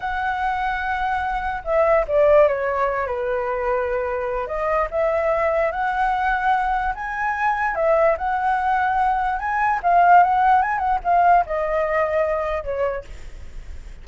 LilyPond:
\new Staff \with { instrumentName = "flute" } { \time 4/4 \tempo 4 = 147 fis''1 | e''4 d''4 cis''4. b'8~ | b'2. dis''4 | e''2 fis''2~ |
fis''4 gis''2 e''4 | fis''2. gis''4 | f''4 fis''4 gis''8 fis''8 f''4 | dis''2. cis''4 | }